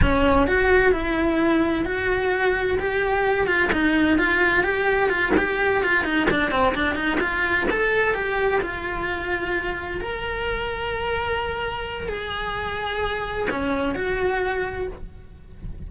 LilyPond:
\new Staff \with { instrumentName = "cello" } { \time 4/4 \tempo 4 = 129 cis'4 fis'4 e'2 | fis'2 g'4. f'8 | dis'4 f'4 g'4 f'8 g'8~ | g'8 f'8 dis'8 d'8 c'8 d'8 dis'8 f'8~ |
f'8 a'4 g'4 f'4.~ | f'4. ais'2~ ais'8~ | ais'2 gis'2~ | gis'4 cis'4 fis'2 | }